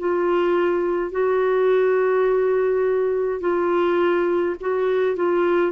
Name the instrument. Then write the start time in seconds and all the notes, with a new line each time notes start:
clarinet
0.00 F4
1.12 F#4
3.41 F4
4.61 F#4
5.17 F4